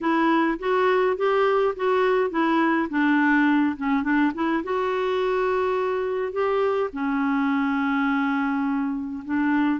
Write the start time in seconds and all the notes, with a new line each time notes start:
0.01 E4
0.59 F#4
1.16 G4
1.76 F#4
2.30 E4
2.89 D4
3.76 C#4
4.03 D4
4.34 E4
4.63 F#4
6.32 G4
6.93 C#4
9.24 D4